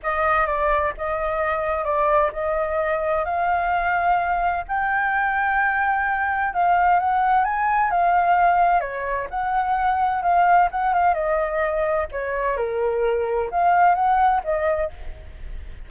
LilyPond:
\new Staff \with { instrumentName = "flute" } { \time 4/4 \tempo 4 = 129 dis''4 d''4 dis''2 | d''4 dis''2 f''4~ | f''2 g''2~ | g''2 f''4 fis''4 |
gis''4 f''2 cis''4 | fis''2 f''4 fis''8 f''8 | dis''2 cis''4 ais'4~ | ais'4 f''4 fis''4 dis''4 | }